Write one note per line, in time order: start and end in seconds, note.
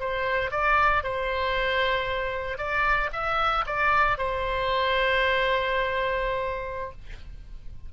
0.00 0.51 C5
0.51 1.03 D5
1.03 2.58 C5
2.58 3.10 D5
3.13 3.65 E5
3.66 4.18 D5
4.18 6.92 C5